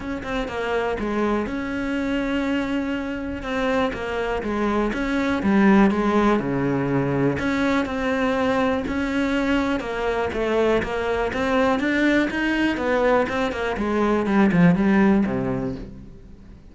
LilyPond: \new Staff \with { instrumentName = "cello" } { \time 4/4 \tempo 4 = 122 cis'8 c'8 ais4 gis4 cis'4~ | cis'2. c'4 | ais4 gis4 cis'4 g4 | gis4 cis2 cis'4 |
c'2 cis'2 | ais4 a4 ais4 c'4 | d'4 dis'4 b4 c'8 ais8 | gis4 g8 f8 g4 c4 | }